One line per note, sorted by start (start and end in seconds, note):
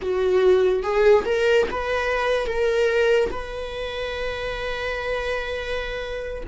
0.02 0.83 F#4
0.83 1.24 G#4
1.25 1.67 A#4
1.70 2.46 B4
2.46 3.30 A#4
3.30 6.43 B4